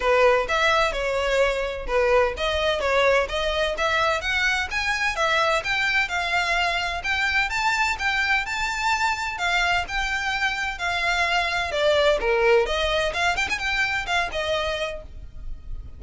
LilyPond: \new Staff \with { instrumentName = "violin" } { \time 4/4 \tempo 4 = 128 b'4 e''4 cis''2 | b'4 dis''4 cis''4 dis''4 | e''4 fis''4 gis''4 e''4 | g''4 f''2 g''4 |
a''4 g''4 a''2 | f''4 g''2 f''4~ | f''4 d''4 ais'4 dis''4 | f''8 g''16 gis''16 g''4 f''8 dis''4. | }